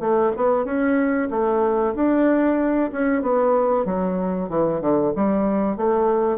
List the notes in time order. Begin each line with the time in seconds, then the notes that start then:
0.00 A3
0.37 B3
0.65 C#4
1.31 A3
1.96 D4
2.92 C#4
3.22 B3
3.86 F#3
4.49 E3
4.81 D3
5.16 G3
5.77 A3